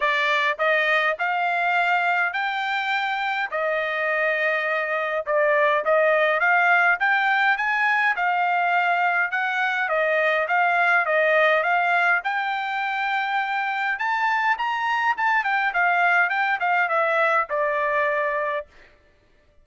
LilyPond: \new Staff \with { instrumentName = "trumpet" } { \time 4/4 \tempo 4 = 103 d''4 dis''4 f''2 | g''2 dis''2~ | dis''4 d''4 dis''4 f''4 | g''4 gis''4 f''2 |
fis''4 dis''4 f''4 dis''4 | f''4 g''2. | a''4 ais''4 a''8 g''8 f''4 | g''8 f''8 e''4 d''2 | }